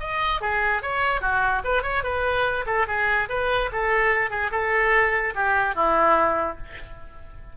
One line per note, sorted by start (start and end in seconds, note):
0.00 0.41 D#5
0.41 0.82 G#4
0.82 1.21 C#5
1.21 1.63 F#4
1.64 1.83 B4
1.83 2.03 C#5
2.03 2.65 B4
2.66 2.87 A4
2.88 3.29 G#4
3.29 3.70 B4
3.72 4.30 A4
4.30 4.51 G#4
4.52 5.34 A4
5.35 5.75 G4
5.75 6.57 E4